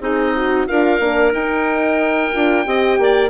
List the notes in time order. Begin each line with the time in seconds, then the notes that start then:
0.00 C4 D#4 G#4 D#5
0.35 F#4
0.67 D4 F4 A#4 F5
0.99 A#3 D4
1.32 D#4 G5
2.32 D4 F4
2.64 C4 G4 D#5
2.98 A#3 D5